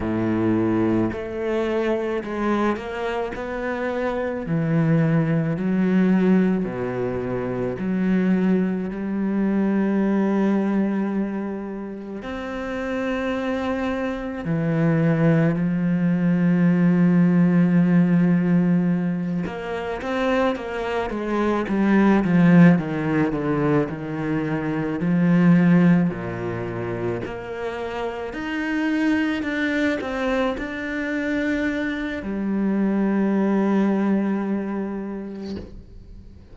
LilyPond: \new Staff \with { instrumentName = "cello" } { \time 4/4 \tempo 4 = 54 a,4 a4 gis8 ais8 b4 | e4 fis4 b,4 fis4 | g2. c'4~ | c'4 e4 f2~ |
f4. ais8 c'8 ais8 gis8 g8 | f8 dis8 d8 dis4 f4 ais,8~ | ais,8 ais4 dis'4 d'8 c'8 d'8~ | d'4 g2. | }